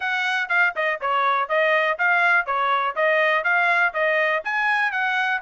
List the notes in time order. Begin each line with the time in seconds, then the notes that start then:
0.00 F#5
0.48 F5
0.75 D#5
1.01 C#5
1.48 D#5
1.98 F5
2.46 C#5
2.95 D#5
3.43 F5
3.93 D#5
4.44 G#5
4.91 F#5